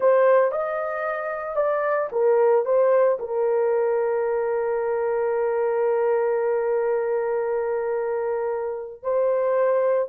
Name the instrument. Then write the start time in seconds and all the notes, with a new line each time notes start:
horn
0.00 C5
0.51 D#5
1.55 D5
2.12 A#4
2.65 C5
3.19 A#4
9.02 C5